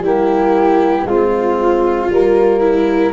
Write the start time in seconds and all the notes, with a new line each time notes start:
0.00 G3 A#3 E4 G4
1.05 G#3 C4 F4
2.09 G3 A#3 A#4
2.60 E4